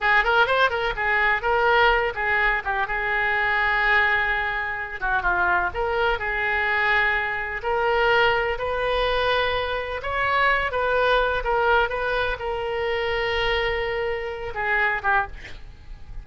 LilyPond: \new Staff \with { instrumentName = "oboe" } { \time 4/4 \tempo 4 = 126 gis'8 ais'8 c''8 ais'8 gis'4 ais'4~ | ais'8 gis'4 g'8 gis'2~ | gis'2~ gis'8 fis'8 f'4 | ais'4 gis'2. |
ais'2 b'2~ | b'4 cis''4. b'4. | ais'4 b'4 ais'2~ | ais'2~ ais'8 gis'4 g'8 | }